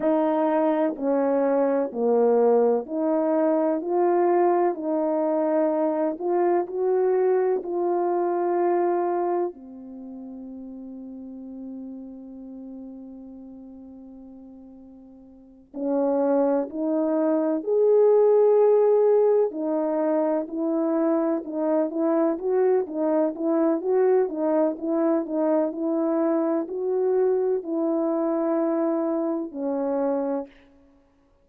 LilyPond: \new Staff \with { instrumentName = "horn" } { \time 4/4 \tempo 4 = 63 dis'4 cis'4 ais4 dis'4 | f'4 dis'4. f'8 fis'4 | f'2 c'2~ | c'1~ |
c'8 cis'4 dis'4 gis'4.~ | gis'8 dis'4 e'4 dis'8 e'8 fis'8 | dis'8 e'8 fis'8 dis'8 e'8 dis'8 e'4 | fis'4 e'2 cis'4 | }